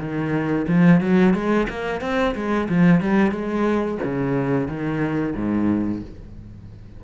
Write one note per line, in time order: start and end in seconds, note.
0.00 0.67 D#3
0.68 1.01 F3
1.01 1.34 F#3
1.34 1.68 G#3
1.70 2.02 A#3
2.02 2.35 C4
2.35 2.69 G#3
2.70 3.01 F3
3.01 3.32 G3
3.32 3.98 G#3
4.04 4.68 C#3
4.68 5.35 D#3
5.36 6.02 G#2